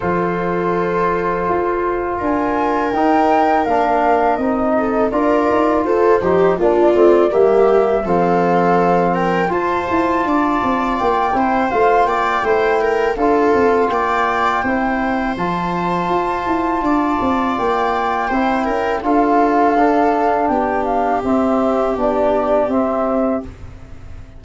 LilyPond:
<<
  \new Staff \with { instrumentName = "flute" } { \time 4/4 \tempo 4 = 82 c''2. gis''4 | g''4 f''4 dis''4 d''4 | c''4 d''4 e''4 f''4~ | f''8 g''8 a''2 g''4 |
f''8 g''4. f''4 g''4~ | g''4 a''2. | g''2 f''2 | g''8 f''8 e''4 d''4 e''4 | }
  \new Staff \with { instrumentName = "viola" } { \time 4/4 a'2. ais'4~ | ais'2~ ais'8 a'8 ais'4 | a'8 g'8 f'4 g'4 a'4~ | a'8 ais'8 c''4 d''4. c''8~ |
c''8 d''8 c''8 ais'8 a'4 d''4 | c''2. d''4~ | d''4 c''8 ais'8 a'2 | g'1 | }
  \new Staff \with { instrumentName = "trombone" } { \time 4/4 f'1 | dis'4 d'4 dis'4 f'4~ | f'8 dis'8 d'8 c'8 ais4 c'4~ | c'4 f'2~ f'8 e'8 |
f'4 e'4 f'2 | e'4 f'2.~ | f'4 e'4 f'4 d'4~ | d'4 c'4 d'4 c'4 | }
  \new Staff \with { instrumentName = "tuba" } { \time 4/4 f2 f'4 d'4 | dis'4 ais4 c'4 d'8 dis'8 | f'8 f8 ais8 a8 g4 f4~ | f4 f'8 e'8 d'8 c'8 ais8 c'8 |
a8 ais8 a4 d'8 c'8 ais4 | c'4 f4 f'8 e'8 d'8 c'8 | ais4 c'8 cis'8 d'2 | b4 c'4 b4 c'4 | }
>>